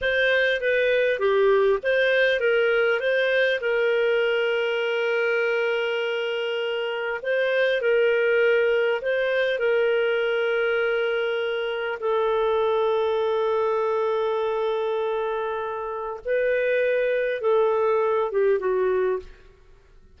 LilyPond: \new Staff \with { instrumentName = "clarinet" } { \time 4/4 \tempo 4 = 100 c''4 b'4 g'4 c''4 | ais'4 c''4 ais'2~ | ais'1 | c''4 ais'2 c''4 |
ais'1 | a'1~ | a'2. b'4~ | b'4 a'4. g'8 fis'4 | }